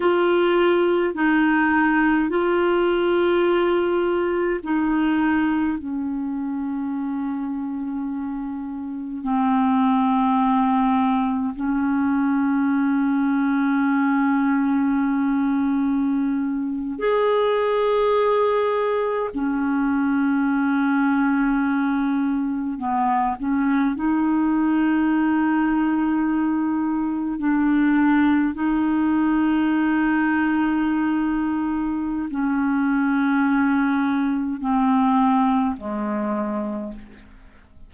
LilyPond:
\new Staff \with { instrumentName = "clarinet" } { \time 4/4 \tempo 4 = 52 f'4 dis'4 f'2 | dis'4 cis'2. | c'2 cis'2~ | cis'2~ cis'8. gis'4~ gis'16~ |
gis'8. cis'2. b16~ | b16 cis'8 dis'2. d'16~ | d'8. dis'2.~ dis'16 | cis'2 c'4 gis4 | }